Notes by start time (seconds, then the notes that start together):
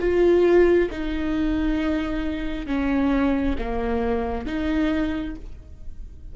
0.00 F4
0.91 D#4
2.67 C#4
3.59 A#3
4.47 D#4